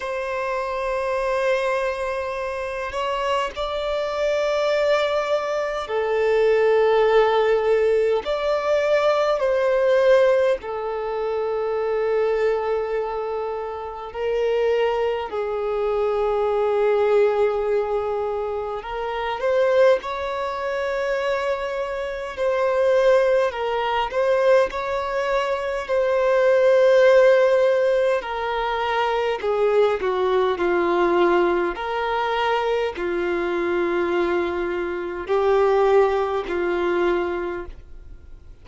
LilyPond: \new Staff \with { instrumentName = "violin" } { \time 4/4 \tempo 4 = 51 c''2~ c''8 cis''8 d''4~ | d''4 a'2 d''4 | c''4 a'2. | ais'4 gis'2. |
ais'8 c''8 cis''2 c''4 | ais'8 c''8 cis''4 c''2 | ais'4 gis'8 fis'8 f'4 ais'4 | f'2 g'4 f'4 | }